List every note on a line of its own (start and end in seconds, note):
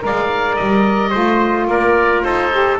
0.00 0.59 G#3
0.00 1.11 A#4
0.00 0.56 F5
0.06 1.10 D5
0.56 1.15 G3
0.56 1.67 D#5
1.10 1.68 A3
1.10 2.51 F4
1.10 1.66 C5
1.68 2.23 A#3
1.68 2.25 A#4
1.68 2.23 D5
2.23 2.79 D#4
2.23 2.80 A4
2.23 2.78 C5
2.52 2.80 G4